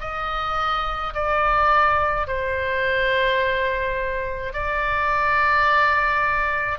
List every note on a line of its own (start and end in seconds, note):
0.00 1.13 D#5
1.14 2.27 D5
2.27 4.53 C5
4.53 6.78 D5